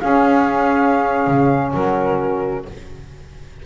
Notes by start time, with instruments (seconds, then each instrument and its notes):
0.00 saxophone C#4 G#4, double bass C#4, flute F5
1.27 double bass C#3
1.74 double bass F#3, saxophone F#4, flute A#4